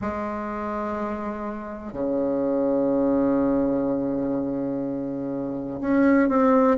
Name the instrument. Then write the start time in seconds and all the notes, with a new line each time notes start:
bassoon
0.01 G#3
1.92 C#3
5.80 C#4
6.29 C4